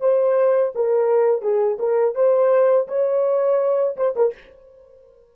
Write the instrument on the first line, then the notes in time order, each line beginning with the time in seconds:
horn
0.00 C5
0.75 A#4
1.41 G#4
1.79 A#4
2.15 C5
2.88 C#5
3.96 C5
4.15 A#4